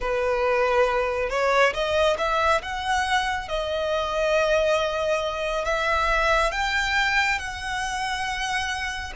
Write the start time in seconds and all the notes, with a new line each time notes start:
0.00 B4
1.29 C#5
1.73 D#5
2.17 E5
2.62 F#5
3.48 D#5
5.64 E5
6.51 G5
7.38 F#5